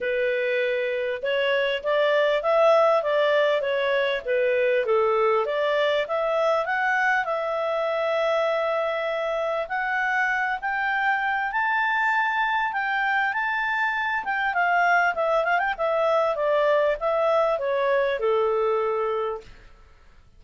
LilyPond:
\new Staff \with { instrumentName = "clarinet" } { \time 4/4 \tempo 4 = 99 b'2 cis''4 d''4 | e''4 d''4 cis''4 b'4 | a'4 d''4 e''4 fis''4 | e''1 |
fis''4. g''4. a''4~ | a''4 g''4 a''4. g''8 | f''4 e''8 f''16 g''16 e''4 d''4 | e''4 cis''4 a'2 | }